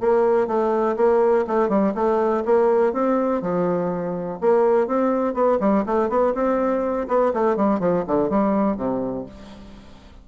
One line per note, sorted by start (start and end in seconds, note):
0.00 0.47 A#3
0.47 0.96 A3
0.96 1.45 A#3
1.47 1.69 A3
1.69 1.93 G3
1.94 2.43 A3
2.45 2.93 A#3
2.93 3.41 C4
3.41 4.39 F3
4.41 4.87 A#3
4.87 5.34 C4
5.34 5.58 B3
5.60 5.84 G3
5.86 6.09 A3
6.09 6.33 B3
6.34 7.08 C4
7.08 7.32 B3
7.33 7.56 A3
7.56 7.79 G3
7.79 8.04 F3
8.07 8.29 D3
8.29 8.76 G3
8.76 9.25 C3